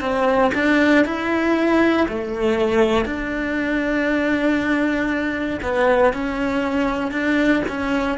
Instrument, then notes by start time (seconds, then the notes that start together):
cello
0.00 C4
0.54 D4
1.05 E4
2.08 A3
3.05 D4
5.62 B3
6.13 C#4
7.11 D4
7.68 C#4